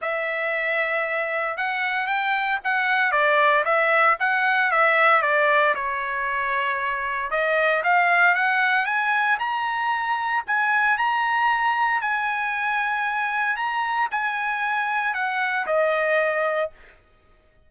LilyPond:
\new Staff \with { instrumentName = "trumpet" } { \time 4/4 \tempo 4 = 115 e''2. fis''4 | g''4 fis''4 d''4 e''4 | fis''4 e''4 d''4 cis''4~ | cis''2 dis''4 f''4 |
fis''4 gis''4 ais''2 | gis''4 ais''2 gis''4~ | gis''2 ais''4 gis''4~ | gis''4 fis''4 dis''2 | }